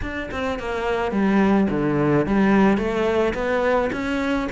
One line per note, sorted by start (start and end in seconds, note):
0.02 0.30 D4
0.31 0.59 C4
0.59 1.11 A#3
1.11 1.67 G3
1.70 2.26 D3
2.26 2.77 G3
2.77 3.33 A3
3.34 3.90 B3
3.92 4.48 C#4